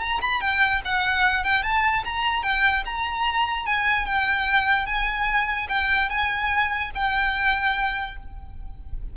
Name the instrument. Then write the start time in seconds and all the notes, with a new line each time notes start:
violin
0.00 A#5
0.22 B5
0.41 G5
0.85 F#5
1.44 G5
1.63 A5
2.05 A#5
2.43 G5
2.86 A#5
3.66 G#5
4.06 G5
4.86 G#5
5.69 G5
6.10 G#5
6.95 G5